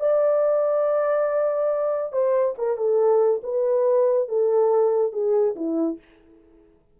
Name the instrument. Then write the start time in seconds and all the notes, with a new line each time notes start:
horn
0.00 D5
2.12 C5
2.58 A#4
2.77 A4
3.43 B4
4.28 A4
5.13 G#4
5.56 E4